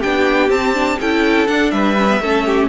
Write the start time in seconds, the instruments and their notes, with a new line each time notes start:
0.00 cello B3, viola D4, violin G4 G5
0.49 viola C4, cello C4, violin A5
0.74 viola D4
1.00 cello C#4, viola E4, violin A4 G5
1.47 viola D4, cello D4, violin F#5
1.71 cello G3, violin B4 E5
1.97 viola C#4
2.09 viola B3
2.20 cello A3, viola C#4, violin A4
2.46 violin G4